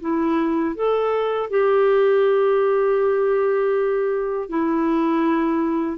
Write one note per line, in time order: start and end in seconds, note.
0.00 0.75 E4
0.75 1.50 A4
1.50 4.49 G4
4.49 5.97 E4